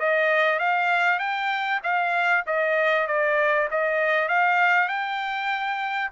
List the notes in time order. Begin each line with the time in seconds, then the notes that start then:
0.00 D#5
0.59 F5
1.19 G5
1.83 F5
2.46 D#5
3.07 D5
3.71 D#5
4.28 F5
4.88 G5